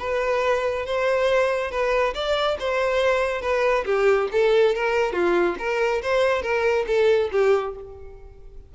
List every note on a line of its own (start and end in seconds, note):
0.00 0.86 B4
0.86 1.71 C5
1.71 2.14 B4
2.15 2.58 D5
2.60 3.42 C5
3.42 3.85 B4
3.86 4.29 G4
4.32 4.76 A4
4.76 5.13 A#4
5.13 5.56 F4
5.59 6.02 A#4
6.03 6.43 C5
6.43 6.86 A#4
6.88 7.31 A4
7.32 7.76 G4